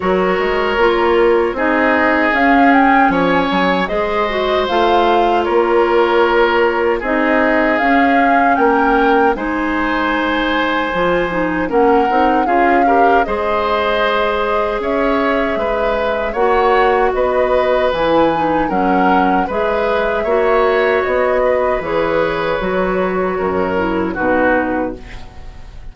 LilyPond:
<<
  \new Staff \with { instrumentName = "flute" } { \time 4/4 \tempo 4 = 77 cis''2 dis''4 f''8 g''8 | gis''4 dis''4 f''4 cis''4~ | cis''4 dis''4 f''4 g''4 | gis''2. fis''4 |
f''4 dis''2 e''4~ | e''4 fis''4 dis''4 gis''4 | fis''4 e''2 dis''4 | cis''2. b'4 | }
  \new Staff \with { instrumentName = "oboe" } { \time 4/4 ais'2 gis'2 | cis''4 c''2 ais'4~ | ais'4 gis'2 ais'4 | c''2. ais'4 |
gis'8 ais'8 c''2 cis''4 | b'4 cis''4 b'2 | ais'4 b'4 cis''4. b'8~ | b'2 ais'4 fis'4 | }
  \new Staff \with { instrumentName = "clarinet" } { \time 4/4 fis'4 f'4 dis'4 cis'4~ | cis'4 gis'8 fis'8 f'2~ | f'4 dis'4 cis'2 | dis'2 f'8 dis'8 cis'8 dis'8 |
f'8 g'8 gis'2.~ | gis'4 fis'2 e'8 dis'8 | cis'4 gis'4 fis'2 | gis'4 fis'4. e'8 dis'4 | }
  \new Staff \with { instrumentName = "bassoon" } { \time 4/4 fis8 gis8 ais4 c'4 cis'4 | f8 fis8 gis4 a4 ais4~ | ais4 c'4 cis'4 ais4 | gis2 f4 ais8 c'8 |
cis'4 gis2 cis'4 | gis4 ais4 b4 e4 | fis4 gis4 ais4 b4 | e4 fis4 fis,4 b,4 | }
>>